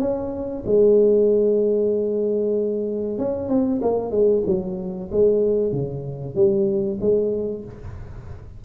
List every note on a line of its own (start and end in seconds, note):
0.00 0.64 C#4
0.66 3.19 G#3
3.19 3.49 C#4
3.49 3.81 C4
3.82 4.11 A#3
4.11 4.43 G#3
4.47 5.10 F#3
5.12 5.72 G#3
5.72 6.35 C#3
6.35 6.99 G3
7.01 7.65 G#3